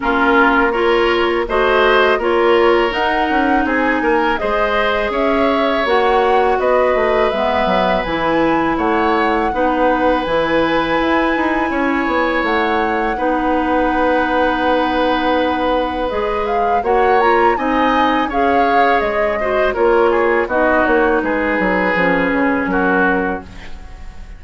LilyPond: <<
  \new Staff \with { instrumentName = "flute" } { \time 4/4 \tempo 4 = 82 ais'4 cis''4 dis''4 cis''4 | fis''4 gis''4 dis''4 e''4 | fis''4 dis''4 e''4 gis''4 | fis''2 gis''2~ |
gis''4 fis''2.~ | fis''2 dis''8 f''8 fis''8 ais''8 | gis''4 f''4 dis''4 cis''4 | dis''8 cis''8 b'2 ais'4 | }
  \new Staff \with { instrumentName = "oboe" } { \time 4/4 f'4 ais'4 c''4 ais'4~ | ais'4 gis'8 ais'8 c''4 cis''4~ | cis''4 b'2. | cis''4 b'2. |
cis''2 b'2~ | b'2. cis''4 | dis''4 cis''4. c''8 ais'8 gis'8 | fis'4 gis'2 fis'4 | }
  \new Staff \with { instrumentName = "clarinet" } { \time 4/4 cis'4 f'4 fis'4 f'4 | dis'2 gis'2 | fis'2 b4 e'4~ | e'4 dis'4 e'2~ |
e'2 dis'2~ | dis'2 gis'4 fis'8 f'8 | dis'4 gis'4. fis'8 f'4 | dis'2 cis'2 | }
  \new Staff \with { instrumentName = "bassoon" } { \time 4/4 ais2 a4 ais4 | dis'8 cis'8 c'8 ais8 gis4 cis'4 | ais4 b8 a8 gis8 fis8 e4 | a4 b4 e4 e'8 dis'8 |
cis'8 b8 a4 b2~ | b2 gis4 ais4 | c'4 cis'4 gis4 ais4 | b8 ais8 gis8 fis8 f8 cis8 fis4 | }
>>